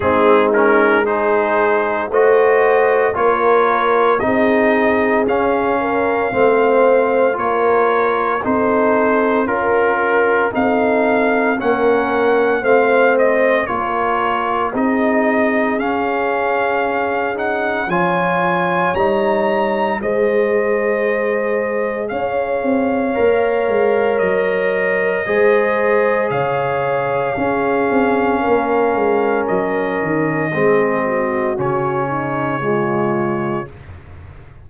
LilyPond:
<<
  \new Staff \with { instrumentName = "trumpet" } { \time 4/4 \tempo 4 = 57 gis'8 ais'8 c''4 dis''4 cis''4 | dis''4 f''2 cis''4 | c''4 ais'4 f''4 fis''4 | f''8 dis''8 cis''4 dis''4 f''4~ |
f''8 fis''8 gis''4 ais''4 dis''4~ | dis''4 f''2 dis''4~ | dis''4 f''2. | dis''2 cis''2 | }
  \new Staff \with { instrumentName = "horn" } { \time 4/4 dis'4 gis'4 c''4 ais'4 | gis'4. ais'8 c''4 ais'4 | a'4 ais'4 a'4 ais'4 | c''4 ais'4 gis'2~ |
gis'4 cis''2 c''4~ | c''4 cis''2. | c''4 cis''4 gis'4 ais'4~ | ais'4 gis'8 fis'4 dis'8 f'4 | }
  \new Staff \with { instrumentName = "trombone" } { \time 4/4 c'8 cis'8 dis'4 fis'4 f'4 | dis'4 cis'4 c'4 f'4 | dis'4 f'4 dis'4 cis'4 | c'4 f'4 dis'4 cis'4~ |
cis'8 dis'8 f'4 dis'4 gis'4~ | gis'2 ais'2 | gis'2 cis'2~ | cis'4 c'4 cis'4 gis4 | }
  \new Staff \with { instrumentName = "tuba" } { \time 4/4 gis2 a4 ais4 | c'4 cis'4 a4 ais4 | c'4 cis'4 c'4 ais4 | a4 ais4 c'4 cis'4~ |
cis'4 f4 g4 gis4~ | gis4 cis'8 c'8 ais8 gis8 fis4 | gis4 cis4 cis'8 c'8 ais8 gis8 | fis8 dis8 gis4 cis2 | }
>>